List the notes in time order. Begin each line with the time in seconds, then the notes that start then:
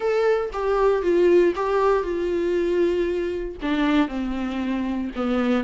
0.00 A4
0.52 G4
1.02 F4
1.55 G4
2.02 F4
3.62 D4
4.07 C4
5.15 B3